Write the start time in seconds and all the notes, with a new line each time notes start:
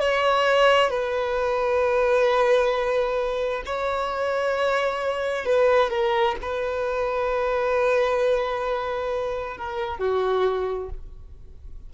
0.00 C#5
0.90 B4
3.66 C#5
5.45 B4
5.90 A#4
6.42 B4
9.58 A#4
9.99 F#4